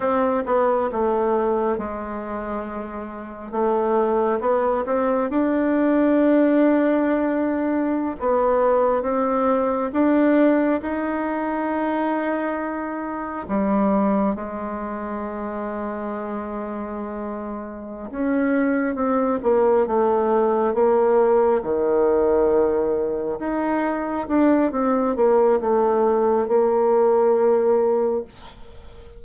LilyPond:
\new Staff \with { instrumentName = "bassoon" } { \time 4/4 \tempo 4 = 68 c'8 b8 a4 gis2 | a4 b8 c'8 d'2~ | d'4~ d'16 b4 c'4 d'8.~ | d'16 dis'2. g8.~ |
g16 gis2.~ gis8.~ | gis8 cis'4 c'8 ais8 a4 ais8~ | ais8 dis2 dis'4 d'8 | c'8 ais8 a4 ais2 | }